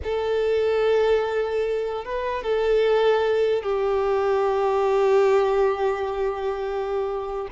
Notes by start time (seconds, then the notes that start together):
0.03 A4
2.04 B4
2.43 A4
3.63 G4